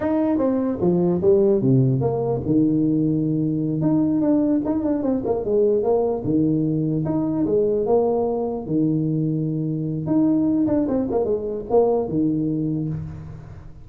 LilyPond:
\new Staff \with { instrumentName = "tuba" } { \time 4/4 \tempo 4 = 149 dis'4 c'4 f4 g4 | c4 ais4 dis2~ | dis4. dis'4 d'4 dis'8 | d'8 c'8 ais8 gis4 ais4 dis8~ |
dis4. dis'4 gis4 ais8~ | ais4. dis2~ dis8~ | dis4 dis'4. d'8 c'8 ais8 | gis4 ais4 dis2 | }